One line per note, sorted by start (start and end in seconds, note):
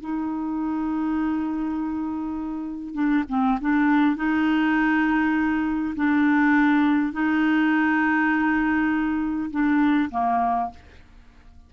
0.00 2.94 D#4
2.94 3.24 D4
3.29 3.59 C4
3.61 4.16 D4
4.16 5.94 D#4
5.95 7.12 D4
7.12 9.50 D#4
9.50 10.10 D4
10.10 10.70 A#3